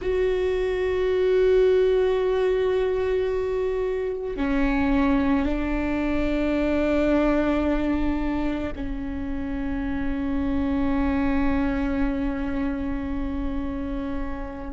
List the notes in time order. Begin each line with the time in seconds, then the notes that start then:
0.01 F#4
4.36 C#4
5.45 D4
8.75 C#4